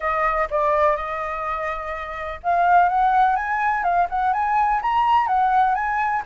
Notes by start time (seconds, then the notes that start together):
0.00 D#5
0.50 D5
0.96 D#5
2.43 F5
2.88 F#5
3.36 G#5
3.83 F5
4.09 F#5
4.33 G#5
4.82 A#5
5.27 F#5
5.75 G#5